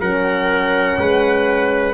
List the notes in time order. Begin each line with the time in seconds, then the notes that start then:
0.00 F#3 C#4 A#4 F#5
0.97 G#3 B4